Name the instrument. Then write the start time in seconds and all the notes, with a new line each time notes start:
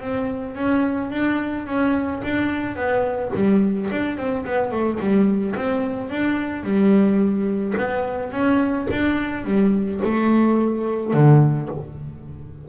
double bass
0.00 C4
0.55 C#4
1.10 D4
1.66 C#4
2.23 D4
2.76 B3
3.34 G3
3.91 D4
4.17 C4
4.45 B3
4.71 A3
4.99 G3
5.56 C4
6.10 D4
6.63 G3
7.77 B3
8.32 C#4
8.91 D4
9.44 G3
10.04 A3
11.13 D3